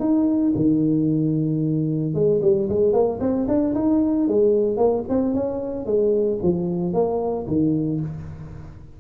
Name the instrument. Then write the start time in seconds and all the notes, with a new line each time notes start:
tuba
0.00 D#4
0.56 D#3
2.15 G#3
2.42 G3
2.69 G#3
2.93 A#3
3.21 C4
3.48 D4
3.75 D#4
4.28 G#3
4.77 A#3
5.09 C4
5.34 C#4
5.86 G#3
6.43 F3
6.94 A#3
7.47 D#3